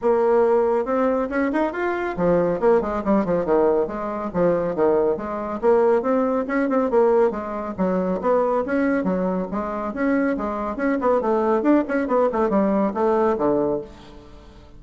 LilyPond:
\new Staff \with { instrumentName = "bassoon" } { \time 4/4 \tempo 4 = 139 ais2 c'4 cis'8 dis'8 | f'4 f4 ais8 gis8 g8 f8 | dis4 gis4 f4 dis4 | gis4 ais4 c'4 cis'8 c'8 |
ais4 gis4 fis4 b4 | cis'4 fis4 gis4 cis'4 | gis4 cis'8 b8 a4 d'8 cis'8 | b8 a8 g4 a4 d4 | }